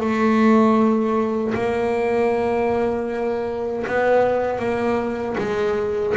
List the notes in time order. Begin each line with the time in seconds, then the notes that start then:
0.00 A3
1.55 A#3
3.87 B3
4.59 A#3
5.38 G#3